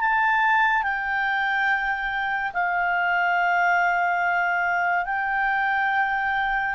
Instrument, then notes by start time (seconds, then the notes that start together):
clarinet
0.00 A5
0.83 G5
2.53 F5
5.06 G5